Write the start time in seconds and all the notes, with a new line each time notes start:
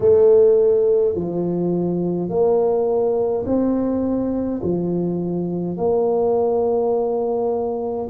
0.00 A3
1.15 F3
2.29 A#3
3.46 C4
4.63 F3
5.77 A#3